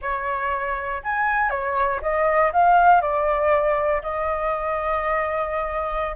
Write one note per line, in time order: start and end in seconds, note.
0.01 1.02 C#5
1.03 1.50 G#5
1.50 2.00 C#5
2.01 2.52 D#5
2.53 3.01 F5
3.01 4.02 D5
4.02 6.16 D#5